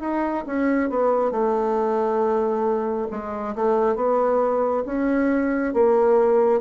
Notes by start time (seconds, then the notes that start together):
0.00 D#4
0.46 C#4
0.89 B3
1.31 A3
3.10 G#3
3.55 A3
3.95 B3
4.85 C#4
5.74 A#3